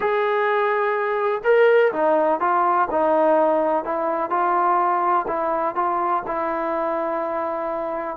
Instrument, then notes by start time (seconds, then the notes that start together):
trombone
0.00 G#4
1.44 A#4
1.92 D#4
2.40 F4
2.91 D#4
3.84 E4
4.30 F4
5.27 E4
5.75 F4
6.26 E4